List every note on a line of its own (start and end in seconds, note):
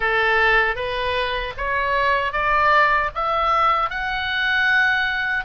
0.00 0.75 A4
0.75 1.53 B4
1.57 2.32 C#5
2.32 3.10 D5
3.15 3.90 E5
3.90 5.44 F#5